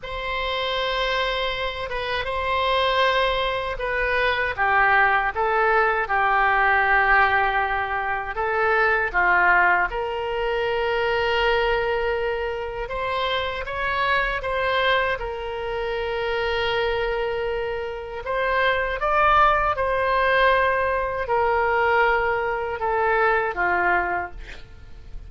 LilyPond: \new Staff \with { instrumentName = "oboe" } { \time 4/4 \tempo 4 = 79 c''2~ c''8 b'8 c''4~ | c''4 b'4 g'4 a'4 | g'2. a'4 | f'4 ais'2.~ |
ais'4 c''4 cis''4 c''4 | ais'1 | c''4 d''4 c''2 | ais'2 a'4 f'4 | }